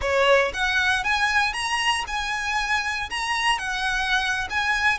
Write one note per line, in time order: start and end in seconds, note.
0.01 0.52 C#5
0.53 1.04 F#5
1.04 1.53 G#5
1.53 2.04 A#5
2.07 3.09 G#5
3.09 3.58 A#5
3.58 4.48 F#5
4.50 4.98 G#5